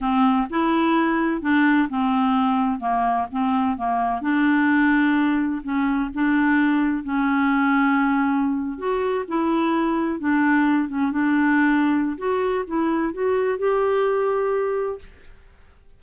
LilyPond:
\new Staff \with { instrumentName = "clarinet" } { \time 4/4 \tempo 4 = 128 c'4 e'2 d'4 | c'2 ais4 c'4 | ais4 d'2. | cis'4 d'2 cis'4~ |
cis'2~ cis'8. fis'4 e'16~ | e'4.~ e'16 d'4. cis'8 d'16~ | d'2 fis'4 e'4 | fis'4 g'2. | }